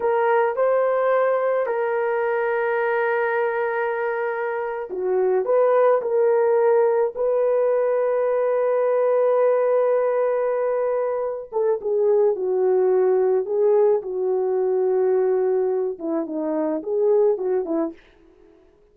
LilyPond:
\new Staff \with { instrumentName = "horn" } { \time 4/4 \tempo 4 = 107 ais'4 c''2 ais'4~ | ais'1~ | ais'8. fis'4 b'4 ais'4~ ais'16~ | ais'8. b'2.~ b'16~ |
b'1~ | b'8 a'8 gis'4 fis'2 | gis'4 fis'2.~ | fis'8 e'8 dis'4 gis'4 fis'8 e'8 | }